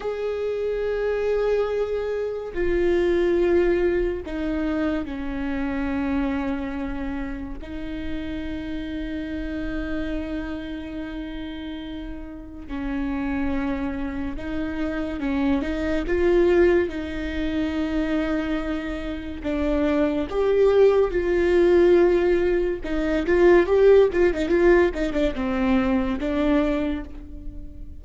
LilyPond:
\new Staff \with { instrumentName = "viola" } { \time 4/4 \tempo 4 = 71 gis'2. f'4~ | f'4 dis'4 cis'2~ | cis'4 dis'2.~ | dis'2. cis'4~ |
cis'4 dis'4 cis'8 dis'8 f'4 | dis'2. d'4 | g'4 f'2 dis'8 f'8 | g'8 f'16 dis'16 f'8 dis'16 d'16 c'4 d'4 | }